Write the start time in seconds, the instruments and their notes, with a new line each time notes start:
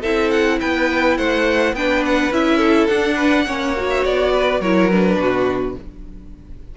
0.00 cello C4, viola E4, violin A4 E5
0.30 violin F#5
0.60 cello B3, violin B4 G5
1.17 cello A3, violin C5 F#5
1.73 cello B3, viola D4, violin B4 G5
2.05 violin F#5
2.30 cello C#4, viola E4, violin E5
2.57 violin A4
2.87 viola D4, cello D4, violin F#5
3.16 violin B4
3.47 cello A#3, viola C#4, violin C#5
3.76 viola F#4
3.90 violin E5
4.04 cello B3, violin D5
4.33 violin B4
4.60 cello F#3, viola E4, violin A#4 C#5
4.90 viola D4, violin B4
5.17 cello B2, violin F#4